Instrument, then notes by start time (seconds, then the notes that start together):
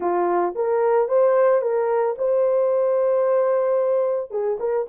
horn
0.00 F4
0.55 A#4
1.08 C5
1.61 A#4
2.17 C5
4.30 G#4
4.59 A#4